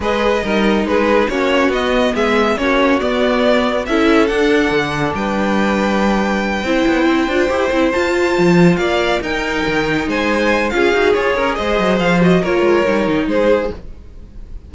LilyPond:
<<
  \new Staff \with { instrumentName = "violin" } { \time 4/4 \tempo 4 = 140 dis''2 b'4 cis''4 | dis''4 e''4 cis''4 d''4~ | d''4 e''4 fis''2 | g''1~ |
g''2~ g''8 a''4.~ | a''8 f''4 g''2 gis''8~ | gis''4 f''4 cis''4 dis''4 | f''8 dis''8 cis''2 c''4 | }
  \new Staff \with { instrumentName = "violin" } { \time 4/4 b'4 ais'4 gis'4 fis'4~ | fis'4 gis'4 fis'2~ | fis'4 a'2. | b'2.~ b'8 c''8~ |
c''1~ | c''8 d''4 ais'2 c''8~ | c''4 gis'4. ais'8 c''4~ | c''4 ais'2 gis'4 | }
  \new Staff \with { instrumentName = "viola" } { \time 4/4 gis'4 dis'2 cis'4 | b2 cis'4 b4~ | b4 e'4 d'2~ | d'2.~ d'8 e'8~ |
e'4 f'8 g'8 e'8 f'4.~ | f'4. dis'2~ dis'8~ | dis'4 f'8 fis'8 gis'2~ | gis'8 fis'8 f'4 dis'2 | }
  \new Staff \with { instrumentName = "cello" } { \time 4/4 gis4 g4 gis4 ais4 | b4 gis4 ais4 b4~ | b4 cis'4 d'4 d4 | g2.~ g8 c'8 |
b8 c'8 d'8 e'8 c'8 f'4 f8~ | f8 ais4 dis'4 dis4 gis8~ | gis4 cis'8 dis'8 f'8 cis'8 gis8 fis8 | f4 ais8 gis8 g8 dis8 gis4 | }
>>